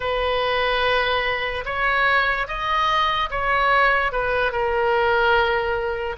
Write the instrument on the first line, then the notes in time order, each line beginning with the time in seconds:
oboe
0.00 B4
1.65 C#5
2.47 D#5
3.30 C#5
4.11 B4
4.52 A#4